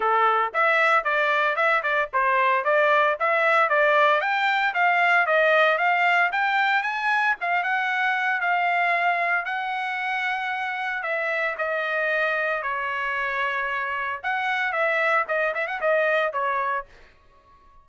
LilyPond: \new Staff \with { instrumentName = "trumpet" } { \time 4/4 \tempo 4 = 114 a'4 e''4 d''4 e''8 d''8 | c''4 d''4 e''4 d''4 | g''4 f''4 dis''4 f''4 | g''4 gis''4 f''8 fis''4. |
f''2 fis''2~ | fis''4 e''4 dis''2 | cis''2. fis''4 | e''4 dis''8 e''16 fis''16 dis''4 cis''4 | }